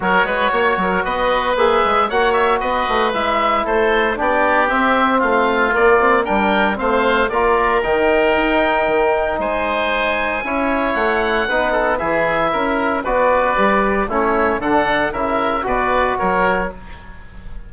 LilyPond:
<<
  \new Staff \with { instrumentName = "oboe" } { \time 4/4 \tempo 4 = 115 cis''2 dis''4 e''4 | fis''8 e''8 dis''4 e''4 c''4 | d''4 e''4 f''4 d''4 | g''4 f''4 d''4 g''4~ |
g''2 gis''2~ | gis''4 fis''2 e''4~ | e''4 d''2 cis''4 | fis''4 e''4 d''4 cis''4 | }
  \new Staff \with { instrumentName = "oboe" } { \time 4/4 ais'8 b'8 cis''8 ais'8 b'2 | cis''4 b'2 a'4 | g'2 f'2 | ais'4 c''4 ais'2~ |
ais'2 c''2 | cis''2 b'8 a'8 gis'4 | ais'4 b'2 e'4 | a'4 ais'4 b'4 ais'4 | }
  \new Staff \with { instrumentName = "trombone" } { \time 4/4 fis'2. gis'4 | fis'2 e'2 | d'4 c'2 ais8 c'8 | d'4 c'4 f'4 dis'4~ |
dis'1 | e'2 dis'4 e'4~ | e'4 fis'4 g'4 cis'4 | d'4 e'4 fis'2 | }
  \new Staff \with { instrumentName = "bassoon" } { \time 4/4 fis8 gis8 ais8 fis8 b4 ais8 gis8 | ais4 b8 a8 gis4 a4 | b4 c'4 a4 ais4 | g4 a4 ais4 dis4 |
dis'4 dis4 gis2 | cis'4 a4 b4 e4 | cis'4 b4 g4 a4 | d4 cis4 b,4 fis4 | }
>>